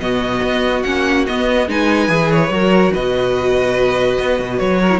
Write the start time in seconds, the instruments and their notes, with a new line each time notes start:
0.00 cello B2, viola B3, violin F#4 D#5
0.43 cello B3
0.83 cello A#3, viola C#4, violin F#5
1.27 viola B3, cello B3, violin D#5
1.68 cello G#3, viola D#4, violin B4 G#5
2.09 cello E3, viola G#4
2.31 violin C#5
2.49 cello F#3, viola F#4, violin A#4
2.93 cello B2, violin B4 D#5
4.19 cello B3
4.40 cello B2
4.59 cello F#3, violin C#5
4.81 violin A#4
4.90 viola E4